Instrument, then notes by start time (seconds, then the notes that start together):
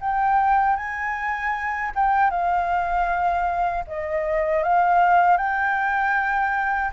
flute
0.00 G5
0.76 G#5
1.95 G5
2.30 F5
3.87 D#5
4.63 F5
5.37 G5